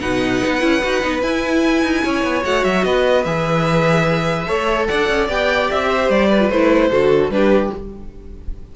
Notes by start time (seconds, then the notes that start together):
0.00 B2 D#4 B4 F#5
0.46 B3
0.61 C#4 E4
0.84 D#4 F#4
1.02 B3 D#4
1.22 E4 G#5
1.83 D#4
2.04 C#4 C#5
2.24 B3
2.43 A3 F#4 F#5
2.65 F#3 E5
2.85 B3 B4 D#5
3.25 E3 G#4 E5
4.48 A3 A4 C#5
4.87 D4 D5 F#5
5.09 C#4
5.28 B3 G4 G5
5.71 C4 E5
5.89 C5
6.10 G3 D5
6.29 B4
6.40 F4
6.50 A3 E4 C5
6.91 D3 F#4 A4
7.30 G3 D4 G4 B4